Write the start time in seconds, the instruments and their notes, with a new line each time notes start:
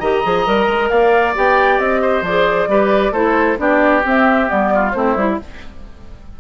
0.00 bassoon D#3, clarinet G4, oboe D#5, flute A#5
0.24 bassoon F3, clarinet G#4
0.46 bassoon G3, clarinet A#4
0.68 bassoon G#3
0.90 bassoon A#3, oboe D5, flute F5
1.35 bassoon B3, clarinet G4, flute G5
1.79 bassoon C4, flute D#5
2.02 oboe C5
2.22 bassoon F3, clarinet G#4, flute D5
2.68 bassoon G3, clarinet G4, oboe B4
3.12 bassoon A3, clarinet E4, oboe A4, flute C5
3.57 bassoon B3, clarinet D4, oboe G4, flute D5
4.05 clarinet C4, bassoon C4, flute E5
4.47 bassoon G3, clarinet B3, flute D5
4.75 oboe F4
4.91 bassoon A3, clarinet C4, oboe E4, flute C5
5.16 bassoon G3, clarinet E4